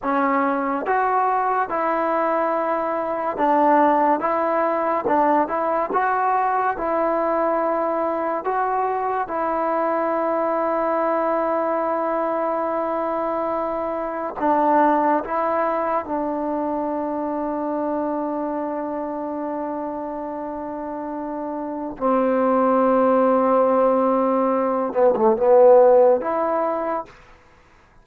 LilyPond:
\new Staff \with { instrumentName = "trombone" } { \time 4/4 \tempo 4 = 71 cis'4 fis'4 e'2 | d'4 e'4 d'8 e'8 fis'4 | e'2 fis'4 e'4~ | e'1~ |
e'4 d'4 e'4 d'4~ | d'1~ | d'2 c'2~ | c'4. b16 a16 b4 e'4 | }